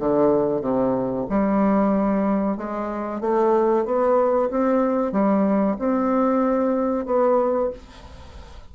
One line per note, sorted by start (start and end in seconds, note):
0.00 0.62 D3
0.62 1.26 C3
1.30 2.58 G3
2.58 3.21 G#3
3.21 3.85 A3
3.85 4.50 B3
4.51 5.12 C4
5.12 5.77 G3
5.79 7.06 C4
7.06 7.70 B3